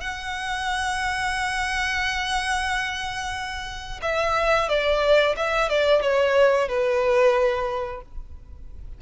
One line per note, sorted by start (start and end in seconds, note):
0.00 4.00 F#5
4.02 4.68 E5
4.68 5.35 D5
5.36 5.69 E5
5.69 6.02 D5
6.02 6.68 C#5
6.68 8.02 B4